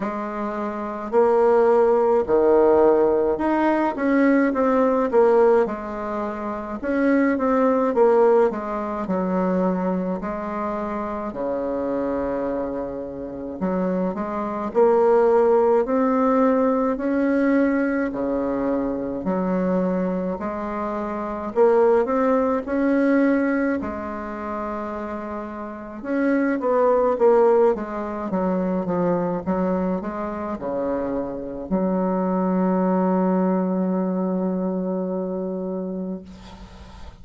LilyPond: \new Staff \with { instrumentName = "bassoon" } { \time 4/4 \tempo 4 = 53 gis4 ais4 dis4 dis'8 cis'8 | c'8 ais8 gis4 cis'8 c'8 ais8 gis8 | fis4 gis4 cis2 | fis8 gis8 ais4 c'4 cis'4 |
cis4 fis4 gis4 ais8 c'8 | cis'4 gis2 cis'8 b8 | ais8 gis8 fis8 f8 fis8 gis8 cis4 | fis1 | }